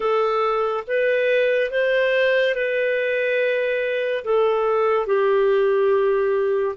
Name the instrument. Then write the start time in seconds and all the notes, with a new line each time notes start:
clarinet
0.00 A4
0.87 B4
1.71 C5
2.55 B4
4.24 A4
5.06 G4